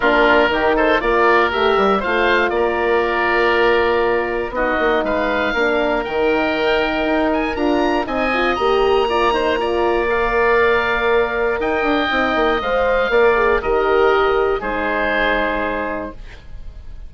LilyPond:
<<
  \new Staff \with { instrumentName = "oboe" } { \time 4/4 \tempo 4 = 119 ais'4. c''8 d''4 e''4 | f''4 d''2.~ | d''4 dis''4 f''2 | g''2~ g''8 gis''8 ais''4 |
gis''4 ais''2. | f''2. g''4~ | g''4 f''2 dis''4~ | dis''4 c''2. | }
  \new Staff \with { instrumentName = "oboe" } { \time 4/4 f'4 g'8 a'8 ais'2 | c''4 ais'2.~ | ais'4 fis'4 b'4 ais'4~ | ais'1 |
dis''2 d''8 c''8 d''4~ | d''2. dis''4~ | dis''2 d''4 ais'4~ | ais'4 gis'2. | }
  \new Staff \with { instrumentName = "horn" } { \time 4/4 d'4 dis'4 f'4 g'4 | f'1~ | f'4 dis'2 d'4 | dis'2. f'4 |
dis'8 f'8 g'4 f'8 dis'8 f'4 | ais'1 | dis'4 c''4 ais'8 gis'8 g'4~ | g'4 dis'2. | }
  \new Staff \with { instrumentName = "bassoon" } { \time 4/4 ais4 dis4 ais4 a8 g8 | a4 ais2.~ | ais4 b8 ais8 gis4 ais4 | dis2 dis'4 d'4 |
c'4 ais2.~ | ais2. dis'8 d'8 | c'8 ais8 gis4 ais4 dis4~ | dis4 gis2. | }
>>